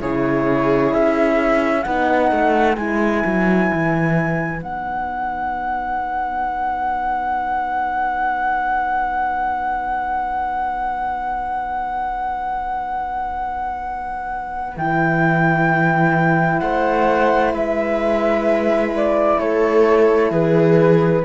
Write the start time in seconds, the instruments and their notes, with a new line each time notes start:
0.00 cello C#3, horn E4, viola G#4, flute C#5
0.93 cello C#4, flute E5
1.82 cello B3, horn D#4, viola B4, flute F#5
2.31 cello A3
2.76 cello G#3, horn E4, flute G#5
3.25 cello F#3
3.72 cello E3
4.61 cello B3, horn D#4, flute F#5
14.76 cello E3, horn E4, flute G5
16.59 cello A3, viola C5, flute F#5
17.53 cello G#3, viola B4, flute E5
18.96 flute D5
19.38 cello A3, viola A4, flute C#5
20.30 cello E3, viola G#4, flute B4